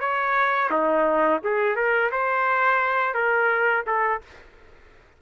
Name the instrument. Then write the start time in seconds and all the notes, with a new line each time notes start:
trumpet
0.00 C#5
0.70 D#4
1.43 G#4
1.75 A#4
2.11 C5
3.14 A#4
3.86 A4